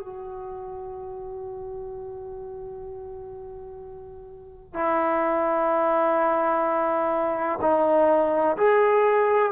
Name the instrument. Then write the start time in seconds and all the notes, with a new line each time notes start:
trombone
0.00 F#4
4.74 E4
7.61 D#4
8.57 G#4